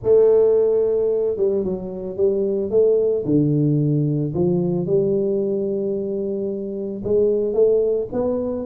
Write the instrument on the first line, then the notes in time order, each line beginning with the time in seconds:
tuba
0.03 A3
1.36 G3
1.64 F#3
2.16 G3
2.70 A3
3.25 D3
4.34 F3
4.86 G3
7.03 G#3
7.53 A3
8.12 B3